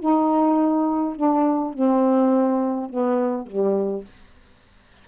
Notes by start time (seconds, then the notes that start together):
0.00 D#4
1.17 D4
1.74 C4
2.90 B3
3.47 G3